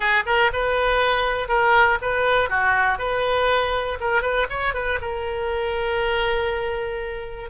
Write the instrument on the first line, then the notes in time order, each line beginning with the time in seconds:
oboe
0.00 G#4
0.26 A#4
0.53 B4
1.48 A#4
2.01 B4
2.49 F#4
2.98 B4
4.00 A#4
4.22 B4
4.49 C#5
4.74 B4
5.01 A#4